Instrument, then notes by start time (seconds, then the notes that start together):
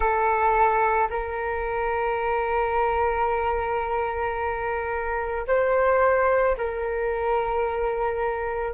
flute
0.00 A4
1.10 A#4
5.47 C5
6.57 A#4